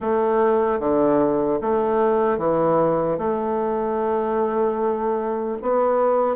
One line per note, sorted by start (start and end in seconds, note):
0.00 0.79 A3
0.79 1.59 D3
1.61 2.37 A3
2.37 3.17 E3
3.18 5.58 A3
5.61 6.36 B3